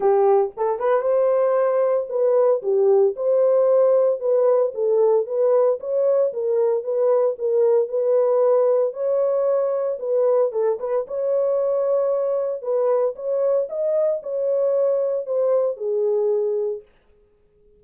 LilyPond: \new Staff \with { instrumentName = "horn" } { \time 4/4 \tempo 4 = 114 g'4 a'8 b'8 c''2 | b'4 g'4 c''2 | b'4 a'4 b'4 cis''4 | ais'4 b'4 ais'4 b'4~ |
b'4 cis''2 b'4 | a'8 b'8 cis''2. | b'4 cis''4 dis''4 cis''4~ | cis''4 c''4 gis'2 | }